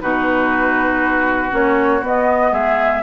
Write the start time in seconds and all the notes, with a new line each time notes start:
0.00 B2 D#4 F#4 B4
1.50 A#3 C#4 C#5
2.02 B3 D#5
2.51 G#3 G#4 E5